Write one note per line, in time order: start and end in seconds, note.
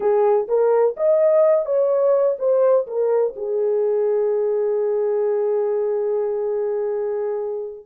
0.00 0.47 G#4
0.48 0.95 A#4
0.96 1.65 D#5
1.65 2.37 C#5
2.38 2.86 C5
2.86 3.34 A#4
3.36 7.85 G#4